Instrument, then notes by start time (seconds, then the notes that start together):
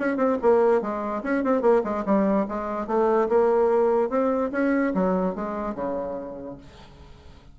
bassoon
0.00 C#4
0.17 C4
0.43 A#3
0.82 G#3
1.24 C#4
1.44 C4
1.62 A#3
1.84 G#3
2.06 G3
2.49 G#3
2.88 A3
3.29 A#3
4.10 C4
4.52 C#4
4.95 F#3
5.36 G#3
5.75 C#3